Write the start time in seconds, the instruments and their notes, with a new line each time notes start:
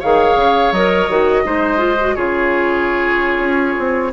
0.00 bassoon D#3, clarinet G#4, oboe C#5, flute F5
0.36 bassoon C#3
0.72 bassoon F#3, clarinet A#4, flute D#5
1.09 bassoon D#3, clarinet F#4
1.45 bassoon G#3, clarinet D#4, oboe C5
1.78 clarinet F4
2.00 clarinet F#4
2.15 bassoon C#3, clarinet F4, oboe G#4, flute C#5
3.39 bassoon C#4
3.79 bassoon C4